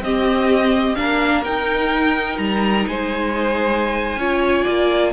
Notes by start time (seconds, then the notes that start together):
0.00 C4 G4 D#5
0.96 A#3 D4 A#4 F5
1.44 D#4 G5
2.38 G3 A#5
2.88 G#3 C5 G#5
4.17 C#4 F4 C#5
4.64 A#3 D5